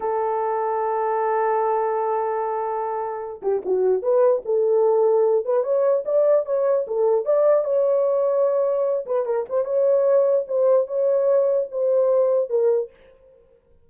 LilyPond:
\new Staff \with { instrumentName = "horn" } { \time 4/4 \tempo 4 = 149 a'1~ | a'1~ | a'8 g'8 fis'4 b'4 a'4~ | a'4. b'8 cis''4 d''4 |
cis''4 a'4 d''4 cis''4~ | cis''2~ cis''8 b'8 ais'8 c''8 | cis''2 c''4 cis''4~ | cis''4 c''2 ais'4 | }